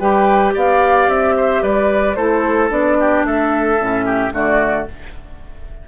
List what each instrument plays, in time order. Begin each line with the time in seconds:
0.00 bassoon G3, clarinet G4, oboe B4, flute G5
0.54 bassoon B3, oboe D5, flute F5
1.08 bassoon C4, flute E5
1.37 oboe C5
1.63 bassoon G3, oboe B4, flute D5
2.16 bassoon A3, clarinet E4, oboe A4, flute C5
2.70 bassoon B3, clarinet D4, flute D5
3.00 oboe G4
3.24 bassoon A3, oboe A4, flute E5
3.81 bassoon A2, clarinet C#4
4.06 oboe G4
4.32 bassoon D3, clarinet A3, oboe F#4, flute D5